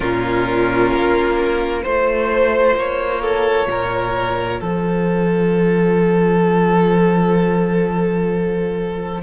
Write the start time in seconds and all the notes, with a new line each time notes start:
0.00 A#2 C#4 F4 A#4
0.92 A#3
1.82 A3 F4 C5
2.76 A#3 C#5
3.21 A4
3.67 A#2 A#4
4.60 F3 A4 C5